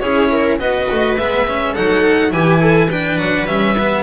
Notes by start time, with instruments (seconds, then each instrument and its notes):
0.00 double bass C#4, cello E4, viola G#4, violin C#5
0.31 viola A#4
0.59 double bass B3, cello F#4, viola B4, violin D#5
0.91 double bass A3
1.17 double bass G#3, cello B3, violin E5
1.48 cello C#4
1.73 double bass F#3, cello D#4, viola A4, violin F#5
2.31 double bass E3, cello E4, viola G4, violin G#5
2.60 viola A4
2.88 cello D4, viola B4, violin G5
3.18 double bass F#3, violin F#5
3.45 double bass G3, cello C#4, violin E5
3.78 cello B3